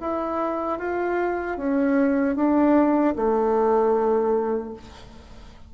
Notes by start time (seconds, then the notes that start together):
0.00 E4
0.79 F4
1.58 C#4
2.36 D4
3.16 A3